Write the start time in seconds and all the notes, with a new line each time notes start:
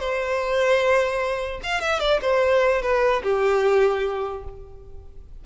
0.00 C5
1.64 F5
1.81 E5
2.00 D5
2.22 C5
2.83 B4
3.24 G4